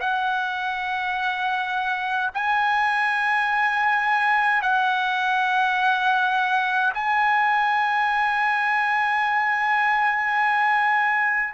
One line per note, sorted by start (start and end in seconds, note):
0.00 2.31 F#5
2.34 4.62 G#5
4.62 6.93 F#5
6.94 11.54 G#5